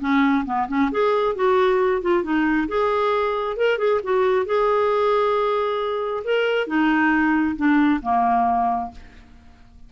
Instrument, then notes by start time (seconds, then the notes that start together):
clarinet
0.00 C#4
0.45 B3
0.68 C#4
0.91 G#4
1.35 F#4
2.02 F4
2.23 D#4
2.68 G#4
3.57 A#4
3.78 G#4
4.03 F#4
4.46 G#4
6.24 A#4
6.67 D#4
7.56 D4
8.02 A#3